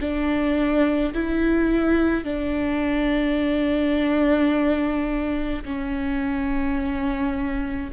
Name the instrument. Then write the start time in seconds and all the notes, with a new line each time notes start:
viola
0.00 D4
1.14 E4
2.24 D4
5.64 C#4